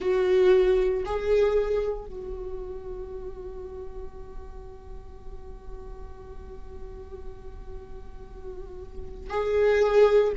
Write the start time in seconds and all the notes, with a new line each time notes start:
0.00 F#4
1.05 G#4
2.05 F#4
9.30 G#4